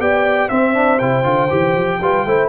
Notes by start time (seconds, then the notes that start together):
0.00 B3 G4 D5 G5
0.49 C4 C5 E5
0.74 D4
0.99 C3 E4 G5
1.23 D3 F4
1.50 E3 G4
1.76 F3
2.01 G3 F4 B4
2.26 A3 E4 C5